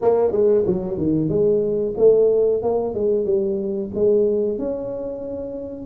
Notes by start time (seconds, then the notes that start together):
0.01 A#3
0.31 G#3
0.66 F#3
0.97 D#3
1.28 G#3
1.97 A3
2.62 A#3
2.94 G#3
3.25 G3
3.95 G#3
4.58 C#4